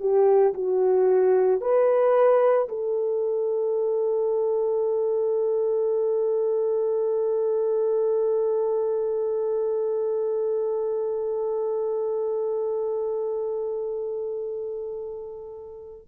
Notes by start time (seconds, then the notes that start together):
0.00 G4
0.54 F#4
1.61 B4
2.68 A4